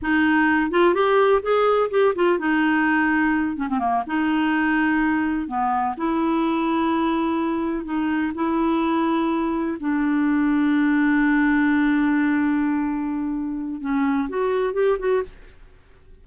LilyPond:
\new Staff \with { instrumentName = "clarinet" } { \time 4/4 \tempo 4 = 126 dis'4. f'8 g'4 gis'4 | g'8 f'8 dis'2~ dis'8 cis'16 c'16 | ais8 dis'2. b8~ | b8 e'2.~ e'8~ |
e'8 dis'4 e'2~ e'8~ | e'8 d'2.~ d'8~ | d'1~ | d'4 cis'4 fis'4 g'8 fis'8 | }